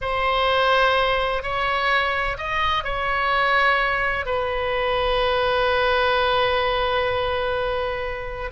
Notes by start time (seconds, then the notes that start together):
0.01 C5
1.42 C#5
2.37 D#5
2.83 C#5
4.25 B4